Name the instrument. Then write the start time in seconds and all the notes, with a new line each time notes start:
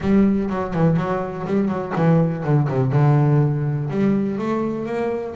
double bass
0.00 G3
0.49 F#3
0.74 E3
0.96 F#3
1.46 G3
1.68 F#3
1.95 E3
2.43 D3
2.69 C3
2.92 D3
3.90 G3
4.38 A3
4.85 A#3